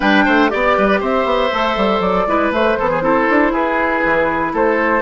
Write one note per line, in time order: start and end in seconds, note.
0.00 0.26 G3
0.00 0.49 D4
0.00 0.24 B4
0.00 0.50 G5
0.24 0.52 A3
0.24 0.50 C5
0.49 0.77 B3
0.49 1.49 G4
0.49 1.00 D5
0.49 0.77 D5
0.77 1.01 G3
0.77 1.00 B4
1.00 1.25 C4
1.00 2.26 C5
1.00 2.01 E5
1.25 1.50 B3
1.52 1.77 A3
1.52 2.28 A4
1.77 2.00 G3
2.00 2.25 F#3
2.00 2.51 D5
2.26 2.51 G#3
2.26 2.53 E4
2.26 2.78 B4
2.51 2.76 A3
2.51 2.77 A3
2.51 3.54 C5
2.77 3.02 E3
2.77 3.01 B3
2.77 2.89 A4
2.89 3.02 G#4
3.01 3.27 C4
3.01 5.01 E4
3.01 3.52 A4
3.30 3.51 D4
3.51 4.02 E4
3.51 4.53 G#4
3.51 4.54 B4
4.05 4.53 E3
4.53 5.01 A3
4.53 5.01 A4
4.53 5.01 C5